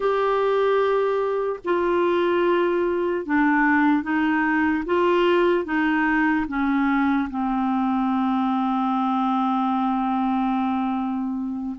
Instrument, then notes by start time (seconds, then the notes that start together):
clarinet
0.00 G4
1.64 F4
3.25 D4
4.02 D#4
4.85 F4
5.64 D#4
6.47 C#4
7.30 C4